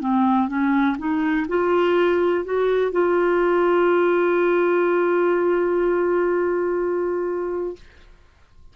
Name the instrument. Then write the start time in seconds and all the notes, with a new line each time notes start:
clarinet
0.00 C4
0.48 C#4
0.98 D#4
1.48 F4
2.45 F#4
2.92 F4